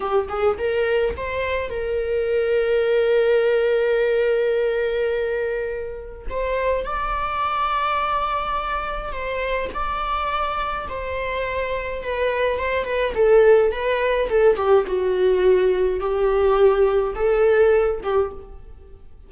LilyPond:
\new Staff \with { instrumentName = "viola" } { \time 4/4 \tempo 4 = 105 g'8 gis'8 ais'4 c''4 ais'4~ | ais'1~ | ais'2. c''4 | d''1 |
c''4 d''2 c''4~ | c''4 b'4 c''8 b'8 a'4 | b'4 a'8 g'8 fis'2 | g'2 a'4. g'8 | }